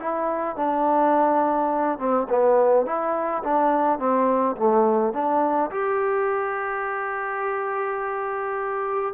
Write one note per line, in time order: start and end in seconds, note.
0.00 0.57 E4
0.57 1.99 D4
1.99 2.28 C4
2.30 2.86 B3
2.86 3.43 E4
3.44 3.99 D4
3.99 4.57 C4
4.57 5.14 A3
5.14 5.71 D4
5.71 9.14 G4